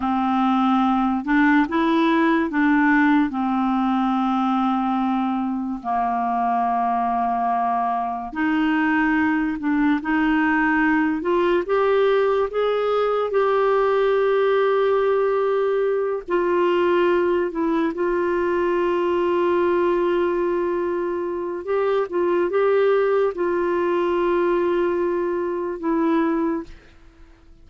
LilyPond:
\new Staff \with { instrumentName = "clarinet" } { \time 4/4 \tempo 4 = 72 c'4. d'8 e'4 d'4 | c'2. ais4~ | ais2 dis'4. d'8 | dis'4. f'8 g'4 gis'4 |
g'2.~ g'8 f'8~ | f'4 e'8 f'2~ f'8~ | f'2 g'8 f'8 g'4 | f'2. e'4 | }